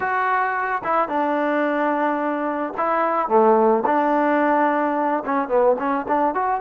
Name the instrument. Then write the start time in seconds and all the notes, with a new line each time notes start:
trombone
0.00 F#4
0.84 E4
1.08 D4
2.77 E4
3.28 A3
3.85 D4
5.25 C#4
5.48 B3
5.78 C#4
6.08 D4
6.34 F#4